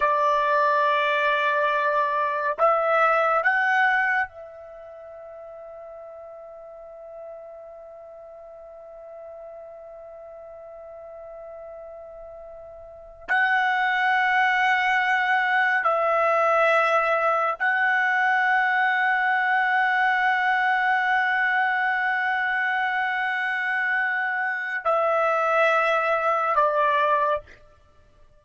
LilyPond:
\new Staff \with { instrumentName = "trumpet" } { \time 4/4 \tempo 4 = 70 d''2. e''4 | fis''4 e''2.~ | e''1~ | e''2.~ e''8 fis''8~ |
fis''2~ fis''8 e''4.~ | e''8 fis''2.~ fis''8~ | fis''1~ | fis''4 e''2 d''4 | }